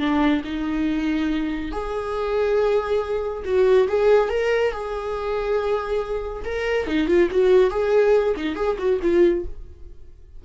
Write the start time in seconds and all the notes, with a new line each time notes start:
0.00 D4
0.45 D#4
1.72 G#4
3.45 F#4
3.88 G#4
4.29 A#4
4.72 G#4
6.45 A#4
6.87 D#4
7.08 F4
7.31 F#4
7.71 G#4
8.37 D#4
8.56 G#4
8.79 F#4
9.03 F4